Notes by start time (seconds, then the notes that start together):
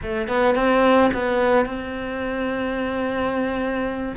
0.02 A3
0.28 B3
0.55 C4
1.13 B3
1.65 C4